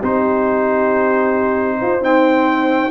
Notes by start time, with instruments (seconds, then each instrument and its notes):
0.00 tuba C4, trombone D#4, horn G4, trumpet C5
1.78 tuba F4, horn C5
2.01 trombone C4, tuba D#4, trumpet G5